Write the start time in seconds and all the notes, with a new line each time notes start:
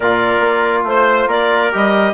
0.00 A#2 F4 A#4 D5
0.40 A#3
0.83 A3 C5
1.27 A#3 A#4 D5
1.72 G3 G4 D#5